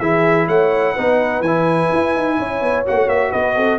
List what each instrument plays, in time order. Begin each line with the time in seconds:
0.00 tuba E3, trombone E4, horn G#4, trumpet E5
0.48 tuba A3, horn C#5, trumpet F#5
0.94 tuba B3, trombone D#4, horn B4
1.41 tuba E3, trumpet G#5
1.47 trombone E4
1.93 tuba E4
2.15 tuba D#4
2.39 tuba C#4, horn C#5
2.61 tuba B3
2.86 tuba A#3, trombone F#4, trumpet F#5
2.95 tuba A3
3.08 tuba A#3, trumpet E5
3.31 tuba B3, horn B4, trumpet D#5
3.56 tuba C4, horn A4